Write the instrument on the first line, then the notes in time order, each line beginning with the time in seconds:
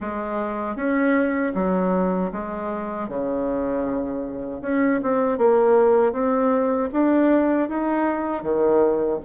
bassoon
0.00 G#3
0.76 C#4
1.54 F#3
2.31 G#3
3.08 C#3
4.62 C#4
5.02 C4
5.37 A#3
6.12 C4
6.92 D4
7.69 D#4
8.42 D#3